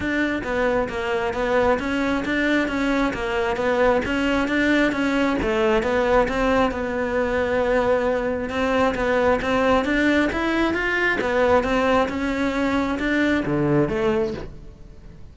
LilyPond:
\new Staff \with { instrumentName = "cello" } { \time 4/4 \tempo 4 = 134 d'4 b4 ais4 b4 | cis'4 d'4 cis'4 ais4 | b4 cis'4 d'4 cis'4 | a4 b4 c'4 b4~ |
b2. c'4 | b4 c'4 d'4 e'4 | f'4 b4 c'4 cis'4~ | cis'4 d'4 d4 a4 | }